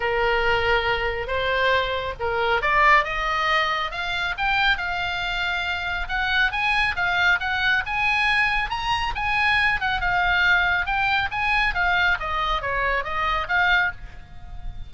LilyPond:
\new Staff \with { instrumentName = "oboe" } { \time 4/4 \tempo 4 = 138 ais'2. c''4~ | c''4 ais'4 d''4 dis''4~ | dis''4 f''4 g''4 f''4~ | f''2 fis''4 gis''4 |
f''4 fis''4 gis''2 | ais''4 gis''4. fis''8 f''4~ | f''4 g''4 gis''4 f''4 | dis''4 cis''4 dis''4 f''4 | }